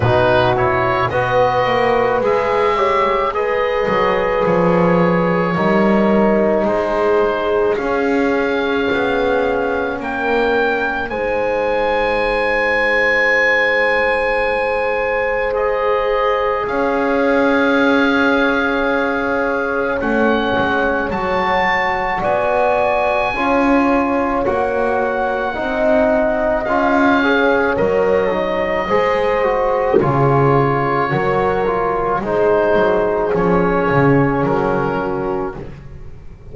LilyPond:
<<
  \new Staff \with { instrumentName = "oboe" } { \time 4/4 \tempo 4 = 54 b'8 cis''8 dis''4 e''4 dis''4 | cis''2 c''4 f''4~ | f''4 g''4 gis''2~ | gis''2 dis''4 f''4~ |
f''2 fis''4 a''4 | gis''2 fis''2 | f''4 dis''2 cis''4~ | cis''4 c''4 cis''4 ais'4 | }
  \new Staff \with { instrumentName = "horn" } { \time 4/4 fis'4 b'4. cis''8 b'4~ | b'4 ais'4 gis'2~ | gis'4 ais'4 c''2~ | c''2. cis''4~ |
cis''1 | d''4 cis''2 dis''4~ | dis''8 cis''4. c''4 gis'4 | ais'4 gis'2~ gis'8 fis'8 | }
  \new Staff \with { instrumentName = "trombone" } { \time 4/4 dis'8 e'8 fis'4 gis'8 g'8 gis'4~ | gis'4 dis'2 cis'4~ | cis'2 dis'2~ | dis'2 gis'2~ |
gis'2 cis'4 fis'4~ | fis'4 f'4 fis'4 dis'4 | f'8 gis'8 ais'8 dis'8 gis'8 fis'8 f'4 | fis'8 f'8 dis'4 cis'2 | }
  \new Staff \with { instrumentName = "double bass" } { \time 4/4 b,4 b8 ais8 gis4. fis8 | f4 g4 gis4 cis'4 | b4 ais4 gis2~ | gis2. cis'4~ |
cis'2 a8 gis8 fis4 | b4 cis'4 ais4 c'4 | cis'4 fis4 gis4 cis4 | fis4 gis8 fis8 f8 cis8 fis4 | }
>>